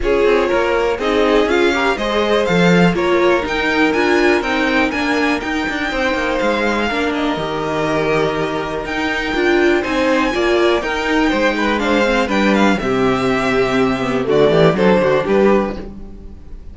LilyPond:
<<
  \new Staff \with { instrumentName = "violin" } { \time 4/4 \tempo 4 = 122 cis''2 dis''4 f''4 | dis''4 f''4 cis''4 g''4 | gis''4 g''4 gis''4 g''4~ | g''4 f''4. dis''4.~ |
dis''2 g''2 | gis''2 g''2 | f''4 g''8 f''8 e''2~ | e''4 d''4 c''4 b'4 | }
  \new Staff \with { instrumentName = "violin" } { \time 4/4 gis'4 ais'4 gis'4. ais'8 | c''2 ais'2~ | ais'1 | c''2 ais'2~ |
ais'1 | c''4 d''4 ais'4 c''8 b'8 | c''4 b'4 g'2~ | g'4 fis'8 g'8 a'8 fis'8 g'4 | }
  \new Staff \with { instrumentName = "viola" } { \time 4/4 f'2 dis'4 f'8 g'8 | gis'4 a'4 f'4 dis'4 | f'4 dis'4 d'4 dis'4~ | dis'2 d'4 g'4~ |
g'2 dis'4 f'4 | dis'4 f'4 dis'2 | d'8 c'8 d'4 c'2~ | c'8 b8 a4 d'2 | }
  \new Staff \with { instrumentName = "cello" } { \time 4/4 cis'8 c'8 ais4 c'4 cis'4 | gis4 f4 ais4 dis'4 | d'4 c'4 ais4 dis'8 d'8 | c'8 ais8 gis4 ais4 dis4~ |
dis2 dis'4 d'4 | c'4 ais4 dis'4 gis4~ | gis4 g4 c2~ | c4 d8 e8 fis8 d8 g4 | }
>>